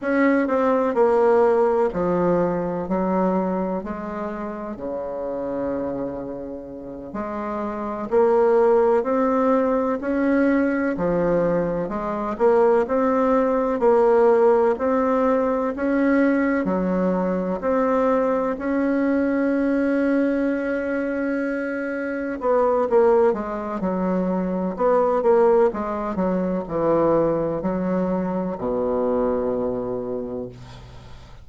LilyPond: \new Staff \with { instrumentName = "bassoon" } { \time 4/4 \tempo 4 = 63 cis'8 c'8 ais4 f4 fis4 | gis4 cis2~ cis8 gis8~ | gis8 ais4 c'4 cis'4 f8~ | f8 gis8 ais8 c'4 ais4 c'8~ |
c'8 cis'4 fis4 c'4 cis'8~ | cis'2.~ cis'8 b8 | ais8 gis8 fis4 b8 ais8 gis8 fis8 | e4 fis4 b,2 | }